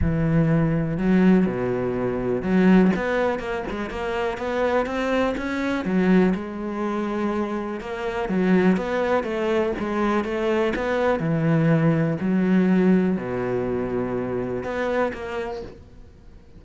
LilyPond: \new Staff \with { instrumentName = "cello" } { \time 4/4 \tempo 4 = 123 e2 fis4 b,4~ | b,4 fis4 b4 ais8 gis8 | ais4 b4 c'4 cis'4 | fis4 gis2. |
ais4 fis4 b4 a4 | gis4 a4 b4 e4~ | e4 fis2 b,4~ | b,2 b4 ais4 | }